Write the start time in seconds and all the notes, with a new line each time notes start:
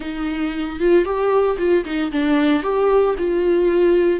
0.00 D#4
0.79 F4
1.04 G4
1.58 F4
1.84 D#4
2.11 D4
2.62 G4
3.17 F4